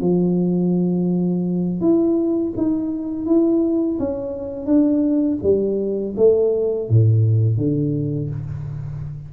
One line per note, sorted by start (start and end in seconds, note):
0.00 1.80 F3
1.80 2.53 E4
2.57 3.26 D#4
3.26 3.98 E4
3.99 4.66 C#4
4.66 5.38 D4
5.42 6.15 G3
6.16 6.89 A3
6.89 7.57 A2
7.57 8.29 D3